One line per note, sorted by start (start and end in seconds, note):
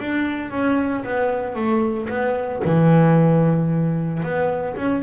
0.00 0.51 D4
0.51 1.04 C#4
1.05 1.56 B3
1.56 2.09 A3
2.09 2.63 B3
2.65 4.23 E3
4.23 4.76 B3
4.77 5.03 C#4